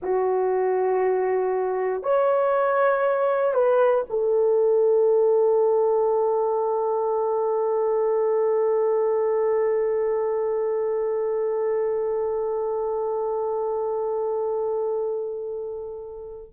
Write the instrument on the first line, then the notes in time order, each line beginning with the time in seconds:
horn
0.02 F#4
2.02 C#5
3.54 B4
4.09 A4